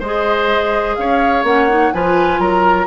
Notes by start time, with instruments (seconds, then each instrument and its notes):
0.00 bassoon G#3, clarinet G#4, oboe C5, flute D#5
0.96 bassoon C#4, oboe C#5, flute F5
1.44 bassoon A#3, clarinet C#4, flute F#5
1.69 clarinet D#4
1.93 bassoon F3, clarinet F4, oboe B4, flute G#5
2.39 bassoon F#3, oboe A#4, flute A#5